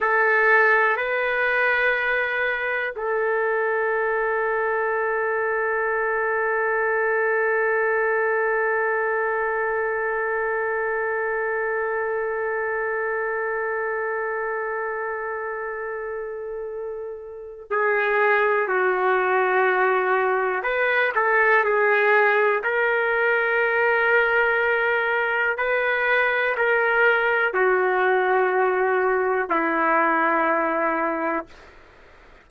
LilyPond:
\new Staff \with { instrumentName = "trumpet" } { \time 4/4 \tempo 4 = 61 a'4 b'2 a'4~ | a'1~ | a'1~ | a'1~ |
a'2 gis'4 fis'4~ | fis'4 b'8 a'8 gis'4 ais'4~ | ais'2 b'4 ais'4 | fis'2 e'2 | }